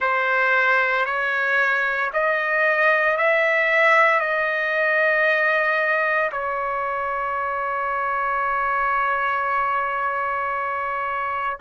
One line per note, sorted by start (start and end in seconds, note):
0.00 1.05 C5
1.05 2.11 C#5
2.13 3.17 D#5
3.17 4.20 E5
4.20 6.30 D#5
6.32 11.58 C#5